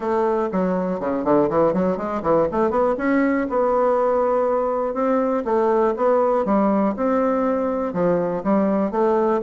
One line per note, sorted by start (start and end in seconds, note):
0.00 0.49 A3
0.51 1.00 F#3
1.00 1.24 C#3
1.24 1.49 D3
1.49 1.73 E3
1.73 1.97 F#3
1.97 2.22 G#3
2.22 2.47 E3
2.51 2.70 A3
2.70 2.95 B3
2.97 3.47 C#4
3.49 4.94 B3
4.94 5.43 C4
5.45 5.94 A3
5.96 6.45 B3
6.45 6.94 G3
6.96 7.93 C4
7.93 8.43 F3
8.43 8.91 G3
8.91 9.40 A3